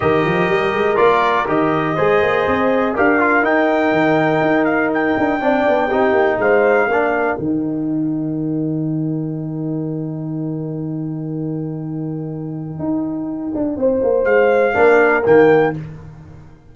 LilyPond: <<
  \new Staff \with { instrumentName = "trumpet" } { \time 4/4 \tempo 4 = 122 dis''2 d''4 dis''4~ | dis''2 f''4 g''4~ | g''4. f''8 g''2~ | g''4 f''2 g''4~ |
g''1~ | g''1~ | g''1~ | g''4 f''2 g''4 | }
  \new Staff \with { instrumentName = "horn" } { \time 4/4 ais'1 | c''2 ais'2~ | ais'2. d''4 | g'4 c''4 ais'2~ |
ais'1~ | ais'1~ | ais'1 | c''2 ais'2 | }
  \new Staff \with { instrumentName = "trombone" } { \time 4/4 g'2 f'4 g'4 | gis'2 g'8 f'8 dis'4~ | dis'2. d'4 | dis'2 d'4 dis'4~ |
dis'1~ | dis'1~ | dis'1~ | dis'2 d'4 ais4 | }
  \new Staff \with { instrumentName = "tuba" } { \time 4/4 dis8 f8 g8 gis8 ais4 dis4 | gis8 ais8 c'4 d'4 dis'4 | dis4 dis'4. d'8 c'8 b8 | c'8 ais8 gis4 ais4 dis4~ |
dis1~ | dis1~ | dis2 dis'4. d'8 | c'8 ais8 gis4 ais4 dis4 | }
>>